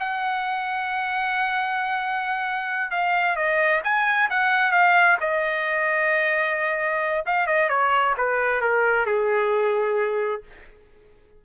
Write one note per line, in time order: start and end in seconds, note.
0.00 2.91 F#5
2.91 3.36 F5
3.36 3.82 D#5
3.84 4.30 G#5
4.30 4.72 F#5
4.72 5.18 F5
5.21 7.25 D#5
7.26 7.47 F5
7.47 7.70 D#5
7.70 8.15 C#5
8.18 8.62 B4
8.62 9.06 A#4
9.06 10.43 G#4